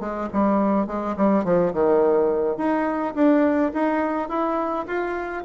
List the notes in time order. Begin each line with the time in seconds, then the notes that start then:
0.00 G#3
0.33 G3
0.87 G#3
1.17 G3
1.44 F3
1.73 D#3
2.57 D#4
3.15 D4
3.74 D#4
4.29 E4
4.87 F4